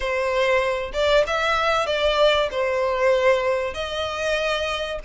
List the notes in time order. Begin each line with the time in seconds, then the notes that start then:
0.00 C5
0.93 D5
1.26 E5
1.86 D5
2.51 C5
3.74 D#5